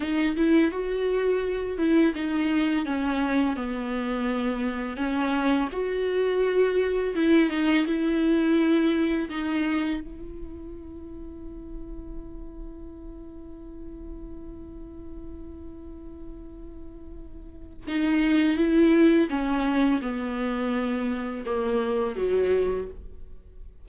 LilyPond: \new Staff \with { instrumentName = "viola" } { \time 4/4 \tempo 4 = 84 dis'8 e'8 fis'4. e'8 dis'4 | cis'4 b2 cis'4 | fis'2 e'8 dis'8 e'4~ | e'4 dis'4 e'2~ |
e'1~ | e'1~ | e'4 dis'4 e'4 cis'4 | b2 ais4 fis4 | }